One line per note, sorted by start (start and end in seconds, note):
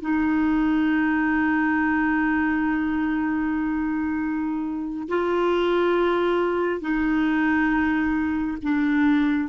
0.00 5.07 D#4
5.08 6.81 F4
6.81 8.57 D#4
8.62 9.49 D4